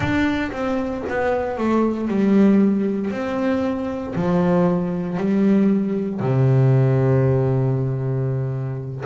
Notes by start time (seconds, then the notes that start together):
0.00 D4
0.51 C4
1.09 B3
1.58 A3
2.08 G3
3.10 C4
4.15 F3
5.17 G3
6.20 C3